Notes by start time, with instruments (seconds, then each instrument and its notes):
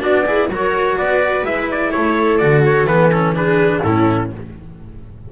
0.00 double bass B3, cello D4, viola F#4, trumpet D5
0.26 cello E4, viola G#4
0.48 double bass F#3, cello F#4, viola A#4, trumpet C#5
0.98 double bass B3, viola B4, trumpet D5
1.42 double bass G#3, cello E4, trumpet E5
1.71 trumpet D5
1.91 double bass A3, viola A4, trumpet C#5
2.38 double bass D3, cello F#4, trumpet D5
2.65 trumpet C#5
2.85 double bass E3, cello B3, trumpet B4
3.11 cello C#4, trumpet A4
3.35 cello D4, viola G#4, trumpet B4
3.83 double bass A2, cello C#4, viola E4, trumpet A4